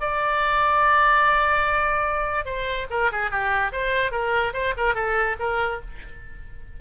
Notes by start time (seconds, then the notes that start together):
0.00 D5
2.45 C5
2.90 A#4
3.12 G#4
3.30 G4
3.72 C5
4.11 A#4
4.53 C5
4.77 A#4
4.94 A4
5.39 A#4